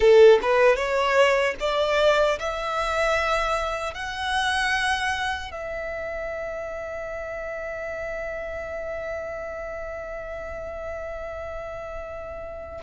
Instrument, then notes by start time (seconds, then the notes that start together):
violin
0.00 A4
0.42 B4
0.75 C#5
1.60 D5
2.39 E5
3.94 F#5
5.50 E5